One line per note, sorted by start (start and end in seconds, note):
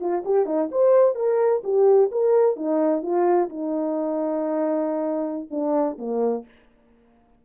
0.00 0.23 F4
0.25 0.46 G4
0.46 0.69 D#4
0.71 1.15 C5
1.15 1.62 A#4
1.64 2.11 G4
2.11 2.56 A#4
2.56 3.02 D#4
3.02 3.49 F4
3.49 5.49 D#4
5.51 5.97 D4
5.98 6.45 A#3